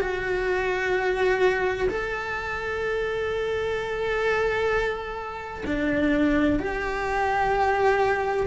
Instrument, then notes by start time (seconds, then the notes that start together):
cello
0.00 F#4
1.89 A4
5.65 D4
6.59 G4